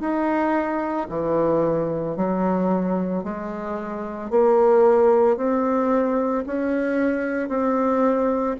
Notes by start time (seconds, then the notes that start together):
0.00 D#4
1.10 E3
2.17 F#3
3.24 G#3
4.31 A#3
5.37 C4
6.47 C#4
7.49 C4